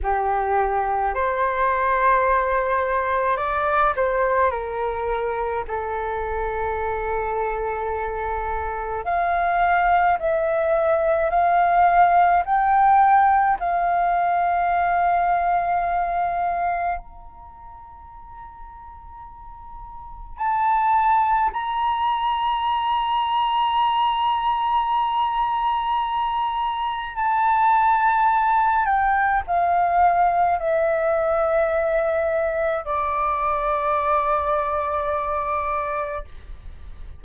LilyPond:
\new Staff \with { instrumentName = "flute" } { \time 4/4 \tempo 4 = 53 g'4 c''2 d''8 c''8 | ais'4 a'2. | f''4 e''4 f''4 g''4 | f''2. ais''4~ |
ais''2 a''4 ais''4~ | ais''1 | a''4. g''8 f''4 e''4~ | e''4 d''2. | }